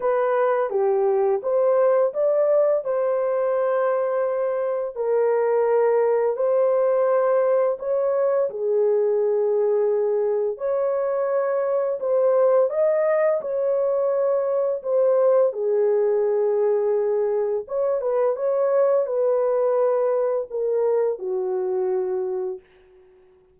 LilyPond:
\new Staff \with { instrumentName = "horn" } { \time 4/4 \tempo 4 = 85 b'4 g'4 c''4 d''4 | c''2. ais'4~ | ais'4 c''2 cis''4 | gis'2. cis''4~ |
cis''4 c''4 dis''4 cis''4~ | cis''4 c''4 gis'2~ | gis'4 cis''8 b'8 cis''4 b'4~ | b'4 ais'4 fis'2 | }